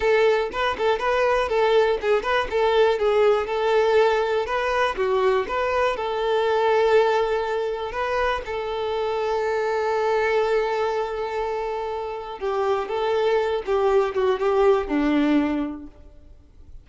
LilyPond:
\new Staff \with { instrumentName = "violin" } { \time 4/4 \tempo 4 = 121 a'4 b'8 a'8 b'4 a'4 | gis'8 b'8 a'4 gis'4 a'4~ | a'4 b'4 fis'4 b'4 | a'1 |
b'4 a'2.~ | a'1~ | a'4 g'4 a'4. g'8~ | g'8 fis'8 g'4 d'2 | }